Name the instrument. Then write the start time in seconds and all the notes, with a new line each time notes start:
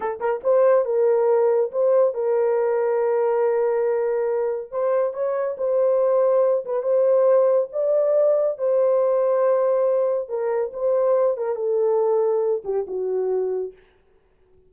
horn
0.00 A4
0.19 A#4
0.43 C5
0.85 A#4
1.71 C5
2.14 A#4
4.71 C5
5.13 C#5
5.57 C5
6.65 B4
6.82 C5
7.72 D5
8.58 C5
10.29 A#4
10.73 C5
11.37 A#4
11.55 A4
12.64 G4
12.87 F#4